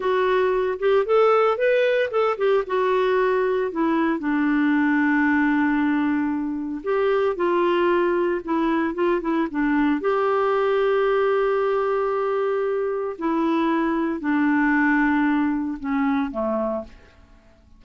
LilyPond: \new Staff \with { instrumentName = "clarinet" } { \time 4/4 \tempo 4 = 114 fis'4. g'8 a'4 b'4 | a'8 g'8 fis'2 e'4 | d'1~ | d'4 g'4 f'2 |
e'4 f'8 e'8 d'4 g'4~ | g'1~ | g'4 e'2 d'4~ | d'2 cis'4 a4 | }